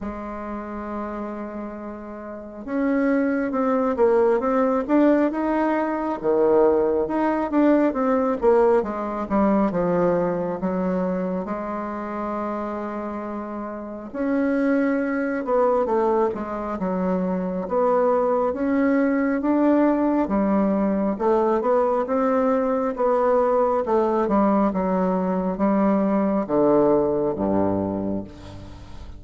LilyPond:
\new Staff \with { instrumentName = "bassoon" } { \time 4/4 \tempo 4 = 68 gis2. cis'4 | c'8 ais8 c'8 d'8 dis'4 dis4 | dis'8 d'8 c'8 ais8 gis8 g8 f4 | fis4 gis2. |
cis'4. b8 a8 gis8 fis4 | b4 cis'4 d'4 g4 | a8 b8 c'4 b4 a8 g8 | fis4 g4 d4 g,4 | }